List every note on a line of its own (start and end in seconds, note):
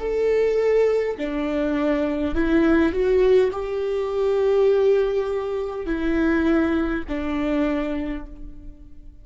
0.00 1.18 A4
1.18 2.35 D4
2.35 2.93 E4
2.93 3.52 F#4
3.52 5.86 G4
5.86 7.04 E4
7.09 8.27 D4